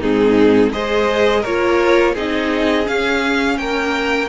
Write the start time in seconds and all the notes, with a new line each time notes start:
0.00 G#2 C4 D#4 G#4
0.72 G#3 G#4 C5 D#5
1.40 A#3 A#4 C#5
1.46 F4
2.13 C4 D#4 G#4 D#5
2.85 C#4 F5
3.57 A#3 A#4 G5